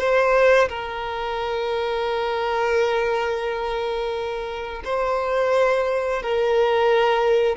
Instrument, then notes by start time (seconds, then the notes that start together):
violin
0.00 C5
0.69 A#4
4.85 C5
6.23 A#4